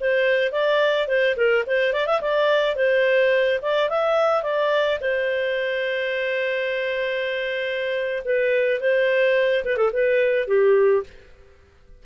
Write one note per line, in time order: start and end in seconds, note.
0.00 0.52 C5
0.52 1.08 D5
1.08 1.36 C5
1.36 1.64 A#4
1.66 1.93 C5
1.93 2.06 D5
2.06 2.20 E5
2.21 2.76 D5
2.76 3.60 C5
3.62 3.89 D5
3.89 4.43 E5
4.43 4.99 D5
5.00 8.23 C5
8.25 8.80 B4
8.80 9.64 C5
9.64 9.77 B4
9.77 9.91 A4
9.92 10.47 B4
10.47 11.03 G4